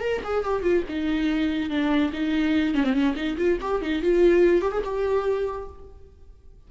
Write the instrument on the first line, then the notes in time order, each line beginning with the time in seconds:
viola
0.00 A#4
0.23 G#4
0.44 G4
0.62 F4
0.88 D#4
1.69 D4
2.13 D#4
2.74 C#4
2.83 C4
2.93 C#4
3.15 D#4
3.37 F4
3.61 G4
3.81 D#4
4.02 F4
4.61 G4
4.71 G#4
4.84 G4